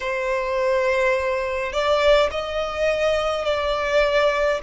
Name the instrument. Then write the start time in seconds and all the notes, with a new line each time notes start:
violin
0.00 C5
1.72 D5
2.30 D#5
3.45 D5